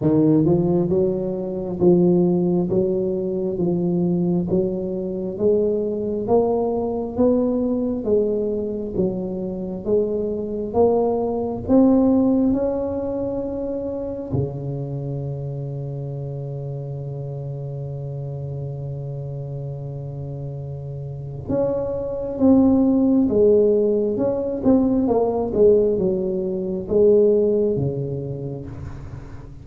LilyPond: \new Staff \with { instrumentName = "tuba" } { \time 4/4 \tempo 4 = 67 dis8 f8 fis4 f4 fis4 | f4 fis4 gis4 ais4 | b4 gis4 fis4 gis4 | ais4 c'4 cis'2 |
cis1~ | cis1 | cis'4 c'4 gis4 cis'8 c'8 | ais8 gis8 fis4 gis4 cis4 | }